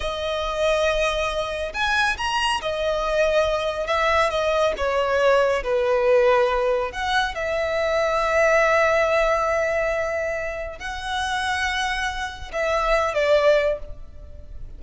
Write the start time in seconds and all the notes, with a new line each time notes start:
0.00 D#5
1.73 G#5
2.17 A#5
2.61 D#5
3.86 E5
4.29 D#5
4.77 C#5
5.63 B4
6.92 F#5
7.35 E5
10.78 F#5
12.52 E5
13.13 D5